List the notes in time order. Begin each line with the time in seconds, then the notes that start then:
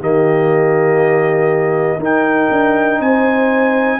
0.00 D#3 A#3 G4 D#5
1.99 D#4 A#4 G5
2.51 D4
2.99 C4 C5 G#5